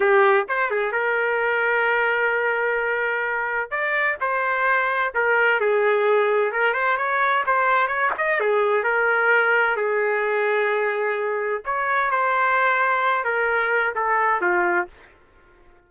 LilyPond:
\new Staff \with { instrumentName = "trumpet" } { \time 4/4 \tempo 4 = 129 g'4 c''8 gis'8 ais'2~ | ais'1 | d''4 c''2 ais'4 | gis'2 ais'8 c''8 cis''4 |
c''4 cis''8 dis''8 gis'4 ais'4~ | ais'4 gis'2.~ | gis'4 cis''4 c''2~ | c''8 ais'4. a'4 f'4 | }